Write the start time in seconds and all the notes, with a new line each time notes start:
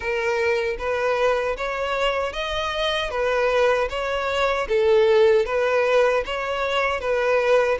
0.00 A#4
0.78 B4
1.57 C#5
2.32 D#5
3.10 B4
3.89 C#5
4.68 A4
5.45 B4
6.25 C#5
7.00 B4